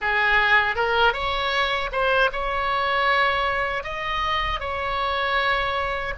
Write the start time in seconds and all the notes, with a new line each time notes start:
0.01 G#4
0.75 A#4
1.13 C#5
1.92 C5
2.32 C#5
3.83 D#5
4.60 C#5